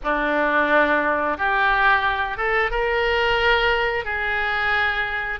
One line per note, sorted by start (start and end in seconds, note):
0.03 1.37 D4
1.37 2.37 G4
2.37 2.70 A4
2.70 4.04 A#4
4.04 5.39 G#4